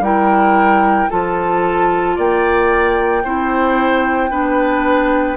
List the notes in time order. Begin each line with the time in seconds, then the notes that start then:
0.00 G3 E4 A#4 G5
1.10 F3 F4 A4 A5
2.16 A#3 D5 G5
3.24 C4 E4 C5
4.31 B3 D4 B4